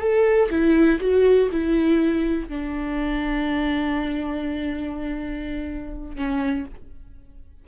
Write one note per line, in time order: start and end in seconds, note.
0.00 0.49 A4
0.50 0.99 E4
1.00 1.49 F#4
1.51 2.48 E4
2.48 6.15 D4
6.15 6.65 C#4